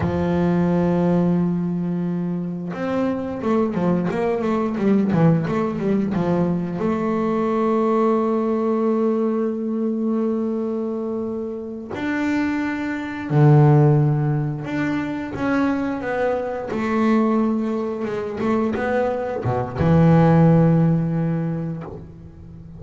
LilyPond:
\new Staff \with { instrumentName = "double bass" } { \time 4/4 \tempo 4 = 88 f1 | c'4 a8 f8 ais8 a8 g8 e8 | a8 g8 f4 a2~ | a1~ |
a4. d'2 d8~ | d4. d'4 cis'4 b8~ | b8 a2 gis8 a8 b8~ | b8 b,8 e2. | }